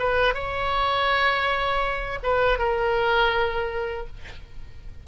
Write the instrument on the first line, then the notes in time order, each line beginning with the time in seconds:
oboe
0.00 B4
0.34 C#5
2.23 B4
2.59 A#4